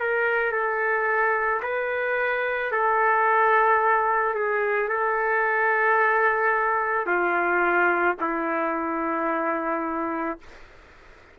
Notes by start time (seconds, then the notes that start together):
0.00 A#4
0.52 A4
1.63 B4
2.72 A4
4.34 G#4
4.89 A4
7.06 F4
8.21 E4